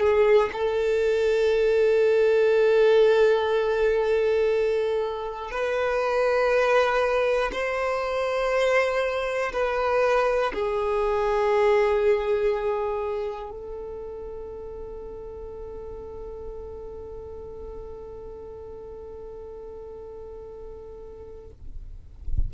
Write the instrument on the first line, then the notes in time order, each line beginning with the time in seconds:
violin
0.00 G#4
0.53 A4
5.52 B4
7.52 C5
9.53 B4
10.54 G#4
13.51 A4